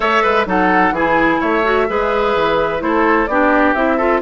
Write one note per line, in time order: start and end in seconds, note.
0.00 0.23 A3
0.00 0.46 A4
0.00 0.22 C#5
0.00 0.47 E5
0.22 0.46 G#3
0.22 0.46 B4
0.46 0.91 F#3
0.46 0.93 D#4
0.46 0.94 A4
0.46 0.94 F#5
0.91 1.38 E3
0.91 1.63 E4
0.91 1.40 G#4
0.91 1.41 G#5
1.40 1.89 A3
1.40 1.87 C#5
1.40 2.81 E5
1.63 1.87 F#4
1.88 2.35 G#3
1.88 2.79 G#4
1.88 2.83 B4
2.35 2.81 E3
2.79 3.27 A3
2.79 3.26 E4
2.79 3.29 A4
2.79 3.26 C5
3.26 3.74 B3
3.26 3.75 D4
3.26 3.97 G4
3.26 3.73 D5
3.74 4.21 C4
3.74 3.98 E4
3.74 4.21 E5
3.97 4.22 F4
3.97 4.20 A4